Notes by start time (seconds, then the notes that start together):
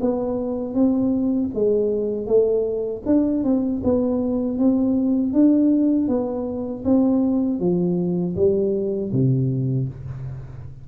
0.00 B3
0.74 C4
1.54 G#3
2.26 A3
3.06 D4
3.43 C4
3.83 B3
4.58 C4
5.33 D4
6.07 B3
6.84 C4
7.59 F3
8.35 G3
9.12 C3